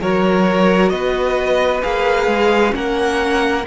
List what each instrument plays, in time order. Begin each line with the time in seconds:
0.00 cello F#3, viola F#4, violin A#4 C#5
0.89 cello B3, violin B4 D#5
1.82 cello A#3, viola G#4, violin F5
2.26 cello G#3
2.69 viola C#4, violin A#4 F#5
2.75 cello A#3